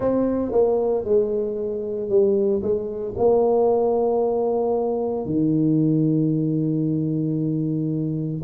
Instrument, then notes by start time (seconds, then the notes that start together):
tuba
0.00 C4
0.51 A#3
1.04 G#3
2.09 G3
2.62 G#3
3.17 A#3
5.25 D#3